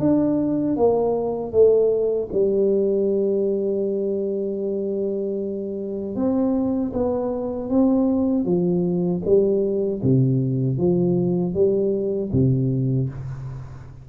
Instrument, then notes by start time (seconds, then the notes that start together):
tuba
0.00 D4
0.77 A#3
1.52 A3
2.33 G3
6.16 C4
6.93 B3
7.70 C4
8.45 F3
9.26 G3
10.03 C3
10.78 F3
11.55 G3
12.33 C3